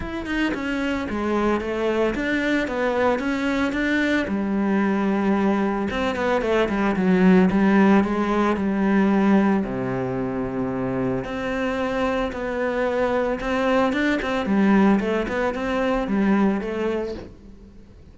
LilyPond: \new Staff \with { instrumentName = "cello" } { \time 4/4 \tempo 4 = 112 e'8 dis'8 cis'4 gis4 a4 | d'4 b4 cis'4 d'4 | g2. c'8 b8 | a8 g8 fis4 g4 gis4 |
g2 c2~ | c4 c'2 b4~ | b4 c'4 d'8 c'8 g4 | a8 b8 c'4 g4 a4 | }